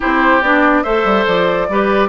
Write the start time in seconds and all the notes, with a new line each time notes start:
0.00 C4 E4 G4 C5
0.41 B3 D4 D5
0.83 A3 A4 C5 E5
1.04 G3
1.27 F3 D5
1.68 G3 G4 B4